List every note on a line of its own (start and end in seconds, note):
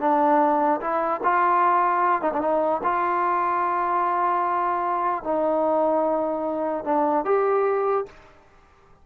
0.00 0.81 D4
0.81 1.21 E4
1.24 2.22 F4
2.22 2.32 D#4
2.33 2.41 D4
2.41 2.82 D#4
2.84 5.24 F4
5.24 6.85 D#4
6.85 7.25 D4
7.26 8.06 G4